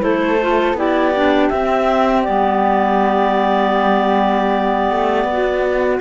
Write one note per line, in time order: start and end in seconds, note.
0.00 0.74 A3
0.00 0.38 E4
0.00 0.78 A4
0.00 0.77 C5
0.42 0.76 F4
0.74 1.49 B3
0.74 1.14 E4
0.74 5.28 G4
0.74 1.49 D5
1.16 1.53 D4
1.49 2.28 C4
1.49 2.26 C4
1.49 2.24 E5
2.24 4.91 G3
2.24 6.01 B3
2.24 5.99 D5
4.91 5.25 A3
5.25 6.00 B3
5.31 6.01 F#4